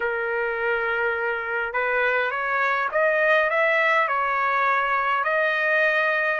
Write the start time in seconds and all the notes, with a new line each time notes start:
0.00 A#4
1.73 B4
2.30 C#5
2.91 D#5
3.50 E5
4.08 C#5
5.23 D#5